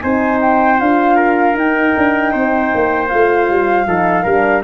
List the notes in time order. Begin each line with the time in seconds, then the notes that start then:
0.00 C4 D#4 C5 G#5
0.42 G5
0.78 D4 F4 F5
1.17 A#4
1.55 D#4 G5
1.97 D4
2.33 C4 C5
2.74 A#3
3.08 A3 F4 F5
3.50 G3
3.87 F3 D#4 A4
4.24 G3 D4 A#4